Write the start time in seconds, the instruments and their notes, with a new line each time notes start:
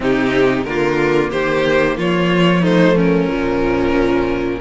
0.00 cello C3, viola C4, violin D#4 G4
0.63 cello D3, viola A#3, violin F4 A#4
1.30 cello D#3, violin G4 C5
1.97 cello F3, violin F4 C#5
2.61 viola A3, violin D#4 C5
2.96 violin C#4 A#4
3.28 cello A#2, viola F3